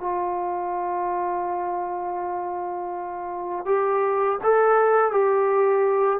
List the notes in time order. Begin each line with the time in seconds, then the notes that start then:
0.00 F4
3.66 G4
4.43 A4
5.11 G4